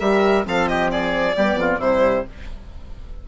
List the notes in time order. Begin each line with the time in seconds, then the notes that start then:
0.00 G3 G4 A#4 E5
0.45 F3 C4 A4 F5
0.68 G4 D#5
0.92 G#4 D5
1.37 G3 B3 G4
1.56 F2 F4
1.79 C3 G3 E4 C5